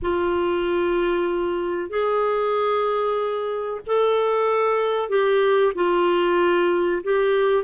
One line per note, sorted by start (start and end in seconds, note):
0.02 1.89 F4
1.89 3.81 G#4
3.86 5.09 A4
5.09 5.72 G4
5.74 7.02 F4
7.03 7.64 G4